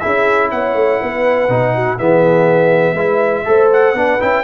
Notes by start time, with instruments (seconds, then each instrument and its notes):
0.00 tuba C#4, trombone E4, horn G#4, trumpet E5
0.51 tuba B3, horn C#5, trumpet F#5
0.75 tuba A3
1.01 tuba B3, horn B4
1.49 tuba B2, trombone D#4
1.75 horn F#4
1.98 tuba E3, trombone B3, horn G#4, trumpet E5
2.94 tuba G#3, trombone E4, horn B4
3.45 tuba A3, trombone A4, horn C5
3.73 trumpet F#5
3.94 tuba B3, trombone D4, horn B4
4.20 tuba C#4, trombone E4, trumpet G5